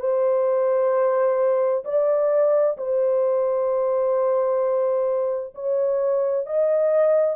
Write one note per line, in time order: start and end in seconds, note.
0.00 1.85 C5
1.85 2.77 D5
2.78 5.55 C5
5.55 6.47 C#5
6.47 7.37 D#5